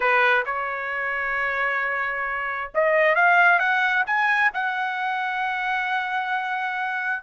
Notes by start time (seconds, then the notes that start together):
0.00 B4
0.45 C#5
2.74 D#5
3.15 F5
3.59 F#5
4.06 G#5
4.53 F#5